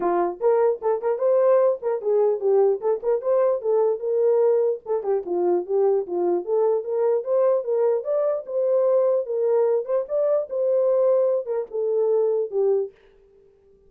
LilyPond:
\new Staff \with { instrumentName = "horn" } { \time 4/4 \tempo 4 = 149 f'4 ais'4 a'8 ais'8 c''4~ | c''8 ais'8 gis'4 g'4 a'8 ais'8 | c''4 a'4 ais'2 | a'8 g'8 f'4 g'4 f'4 |
a'4 ais'4 c''4 ais'4 | d''4 c''2 ais'4~ | ais'8 c''8 d''4 c''2~ | c''8 ais'8 a'2 g'4 | }